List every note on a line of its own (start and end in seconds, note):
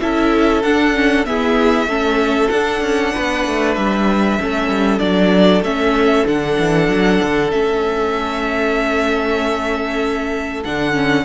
0.00 0.64 C#4
0.00 0.63 E4
0.00 1.27 A4
0.00 0.62 E5
0.63 1.26 D4
0.63 0.93 D4
0.63 1.25 F#5
0.93 1.25 C#4
1.25 1.88 B3
1.25 1.86 E4
1.25 1.89 G#4
1.25 2.49 E5
1.86 2.49 A3
1.86 2.51 C#4
1.86 3.13 A4
2.49 2.81 D4
2.49 4.39 D4
2.49 3.74 F#5
2.81 3.12 C#4
3.13 3.47 B3
3.13 4.38 B4
3.47 3.77 A3
3.75 4.39 G3
3.75 4.99 E5
4.39 4.68 A3
4.39 5.00 C#4
4.39 11.25 A4
4.68 4.99 G3
4.99 5.62 F#3
4.99 5.62 D4
4.99 5.61 D5
5.62 6.24 A3
5.62 6.26 C#4
5.62 6.27 E5
6.26 6.58 D3
6.26 7.51 D4
6.26 7.51 F#5
6.59 6.88 E3
6.88 7.20 F#3
7.23 7.52 D3
7.51 10.65 A3
7.51 10.64 C#4
7.51 10.63 E5
10.64 11.25 D3
10.64 10.94 D4
10.64 11.25 F#5
10.94 11.25 C#4